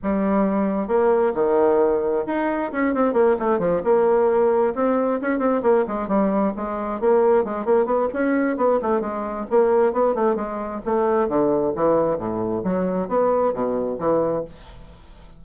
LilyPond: \new Staff \with { instrumentName = "bassoon" } { \time 4/4 \tempo 4 = 133 g2 ais4 dis4~ | dis4 dis'4 cis'8 c'8 ais8 a8 | f8 ais2 c'4 cis'8 | c'8 ais8 gis8 g4 gis4 ais8~ |
ais8 gis8 ais8 b8 cis'4 b8 a8 | gis4 ais4 b8 a8 gis4 | a4 d4 e4 a,4 | fis4 b4 b,4 e4 | }